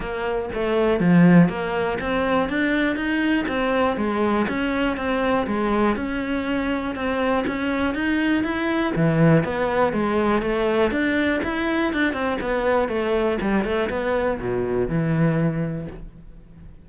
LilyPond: \new Staff \with { instrumentName = "cello" } { \time 4/4 \tempo 4 = 121 ais4 a4 f4 ais4 | c'4 d'4 dis'4 c'4 | gis4 cis'4 c'4 gis4 | cis'2 c'4 cis'4 |
dis'4 e'4 e4 b4 | gis4 a4 d'4 e'4 | d'8 c'8 b4 a4 g8 a8 | b4 b,4 e2 | }